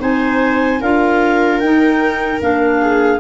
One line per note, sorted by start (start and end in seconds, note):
0.00 0.81 C4
0.00 0.80 D#4
0.00 0.81 C5
0.00 0.82 G#5
0.81 1.61 D4
0.81 1.63 F4
0.81 2.81 A#4
0.81 1.60 F5
1.60 2.41 D#4
1.60 2.40 G5
2.41 3.21 A#3
2.41 3.21 D4
2.41 3.21 F5
2.82 3.21 G#4